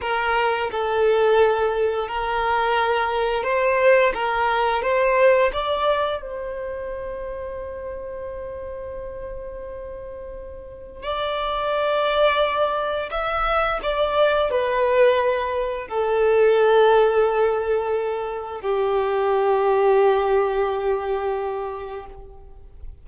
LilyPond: \new Staff \with { instrumentName = "violin" } { \time 4/4 \tempo 4 = 87 ais'4 a'2 ais'4~ | ais'4 c''4 ais'4 c''4 | d''4 c''2.~ | c''1 |
d''2. e''4 | d''4 b'2 a'4~ | a'2. g'4~ | g'1 | }